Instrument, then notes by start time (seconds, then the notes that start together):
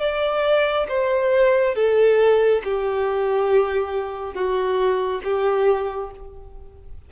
violin
0.00 D5
0.89 C5
1.75 A4
2.65 G4
4.34 F#4
5.24 G4